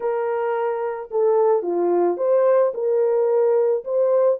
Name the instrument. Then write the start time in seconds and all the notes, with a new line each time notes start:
horn
0.00 A#4
1.10 A4
1.62 F4
2.17 C5
2.73 A#4
3.84 C5